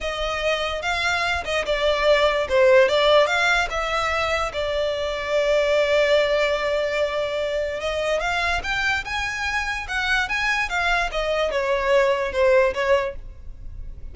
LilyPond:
\new Staff \with { instrumentName = "violin" } { \time 4/4 \tempo 4 = 146 dis''2 f''4. dis''8 | d''2 c''4 d''4 | f''4 e''2 d''4~ | d''1~ |
d''2. dis''4 | f''4 g''4 gis''2 | fis''4 gis''4 f''4 dis''4 | cis''2 c''4 cis''4 | }